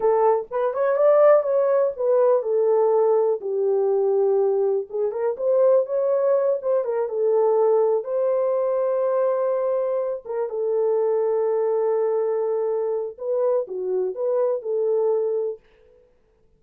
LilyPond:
\new Staff \with { instrumentName = "horn" } { \time 4/4 \tempo 4 = 123 a'4 b'8 cis''8 d''4 cis''4 | b'4 a'2 g'4~ | g'2 gis'8 ais'8 c''4 | cis''4. c''8 ais'8 a'4.~ |
a'8 c''2.~ c''8~ | c''4 ais'8 a'2~ a'8~ | a'2. b'4 | fis'4 b'4 a'2 | }